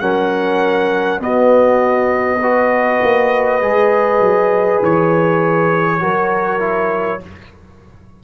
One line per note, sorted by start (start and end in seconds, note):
0.00 1.20 F#3
0.00 1.20 C#4
0.00 1.21 A#4
0.00 1.20 F#5
1.20 3.00 B3
1.20 2.40 B3
1.20 2.39 F#4
1.20 4.82 D#5
2.39 3.62 F#4
2.39 5.99 B4
3.02 3.61 A#3
3.61 4.20 G#3
3.61 6.00 G#4
4.20 4.80 F#3
4.83 6.03 E3
4.83 7.24 C#5
6.00 7.23 F#3
6.00 6.59 F#4
6.00 7.22 A#4
6.59 7.20 E4